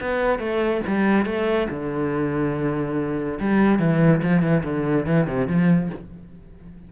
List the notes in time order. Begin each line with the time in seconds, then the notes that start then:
0.00 B3
0.39 A3
0.87 G3
1.26 A3
1.70 D3
3.40 G3
3.79 E3
4.22 F3
4.42 E3
4.64 D3
5.06 E3
5.27 C3
5.48 F3